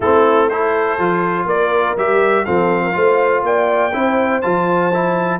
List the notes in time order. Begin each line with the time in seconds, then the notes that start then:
0.00 A3 C4 E4 A4
0.49 E4 A4 C5
0.98 F3 F4
1.45 A#3 A#4 D5
1.97 G3 G4 E5
2.45 F3 C4 A4 F5
2.83 A#4
2.92 A3 F4 C5
3.43 A#3 D5 G5
3.93 C4 E4 C5
4.41 F3 F4 A5
4.93 E4